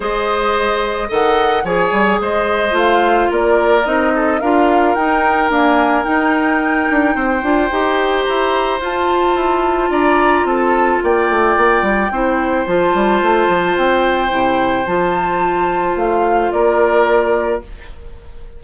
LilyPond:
<<
  \new Staff \with { instrumentName = "flute" } { \time 4/4 \tempo 4 = 109 dis''2 fis''4 gis''4 | dis''4 f''4 d''4 dis''4 | f''4 g''4 gis''4 g''4~ | g''2. ais''4 |
a''2 ais''4 a''4 | g''2. a''4~ | a''4 g''2 a''4~ | a''4 f''4 d''2 | }
  \new Staff \with { instrumentName = "oboe" } { \time 4/4 c''2 dis''4 cis''4 | c''2 ais'4. a'8 | ais'1~ | ais'4 c''2.~ |
c''2 d''4 a'4 | d''2 c''2~ | c''1~ | c''2 ais'2 | }
  \new Staff \with { instrumentName = "clarinet" } { \time 4/4 gis'2 a'4 gis'4~ | gis'4 f'2 dis'4 | f'4 dis'4 ais4 dis'4~ | dis'4. f'8 g'2 |
f'1~ | f'2 e'4 f'4~ | f'2 e'4 f'4~ | f'1 | }
  \new Staff \with { instrumentName = "bassoon" } { \time 4/4 gis2 dis4 f8 g8 | gis4 a4 ais4 c'4 | d'4 dis'4 d'4 dis'4~ | dis'8 d'8 c'8 d'8 dis'4 e'4 |
f'4 e'4 d'4 c'4 | ais8 a8 ais8 g8 c'4 f8 g8 | a8 f8 c'4 c4 f4~ | f4 a4 ais2 | }
>>